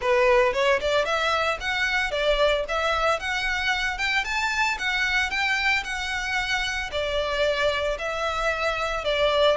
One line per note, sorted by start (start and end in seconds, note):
0.01 0.53 B4
0.53 0.79 C#5
0.80 1.05 D5
1.05 1.58 E5
1.60 2.11 F#5
2.11 2.64 D5
2.68 3.19 E5
3.19 3.98 F#5
3.98 4.24 G5
4.24 4.77 A5
4.78 5.30 F#5
5.30 5.83 G5
5.84 6.90 F#5
6.91 7.97 D5
7.98 9.04 E5
9.04 9.56 D5